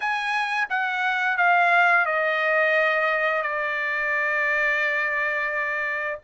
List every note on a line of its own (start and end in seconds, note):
0.00 0.67 G#5
0.69 1.37 F#5
1.37 2.05 F5
2.05 3.42 D#5
3.42 6.18 D5